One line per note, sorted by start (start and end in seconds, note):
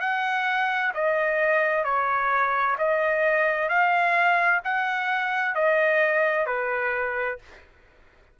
0.00 0.92 F#5
0.94 1.84 D#5
1.84 2.76 C#5
2.78 3.68 D#5
3.68 4.61 F5
4.64 5.55 F#5
5.55 6.46 D#5
6.46 7.38 B4